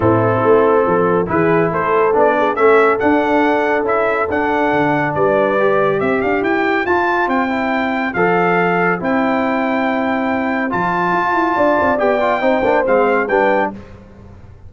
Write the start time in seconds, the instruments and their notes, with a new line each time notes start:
0.00 tuba A2, trombone C4, horn E4, trumpet A4
0.43 tuba A3
0.85 tuba F3, horn A4
1.26 tuba E3, trombone E4, horn G#4, trumpet B4
1.70 tuba A3, horn A4, trumpet C5
2.13 tuba B3, trombone D4, trumpet D5
2.38 horn G#4
2.55 tuba A3, trombone C#4, horn A4, trumpet E5
2.99 trombone D4, tuba D4, trumpet F#5
3.81 tuba C#4, trombone E4, trumpet E5
4.29 tuba D4, trombone D4, trumpet F#5
4.72 tuba D3
5.14 tuba G3, horn B4, trumpet D5
5.59 trombone G4
6.00 tuba C4, horn C5, trumpet E5
6.21 tuba D4, trumpet F5
6.41 tuba E4, trumpet G5
6.85 tuba F4, trombone F4, trumpet A5
7.27 tuba C4, trumpet G5
7.48 trombone E4
8.13 tuba F3, trombone A4, trumpet F5
8.99 tuba C4, trombone E4, trumpet G5
10.70 tuba F3, trombone F4, trumpet A5
11.12 tuba F4
11.33 tuba E4
11.55 tuba D4, horn D5
11.81 tuba C4
11.97 tuba B3, trombone G4, trumpet G5
12.20 trombone F4
12.40 tuba C4, trombone D#4, horn C5
12.64 tuba A#3, trombone D4
12.85 tuba G#3, trombone C4, trumpet F5
13.27 tuba G3, trombone D4, horn B4, trumpet G5